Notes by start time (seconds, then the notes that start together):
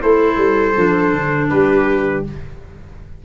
0.00 A3 E4 A4 C5
0.37 G3
0.76 F3 D4
1.13 D3
1.50 G3 G4 B4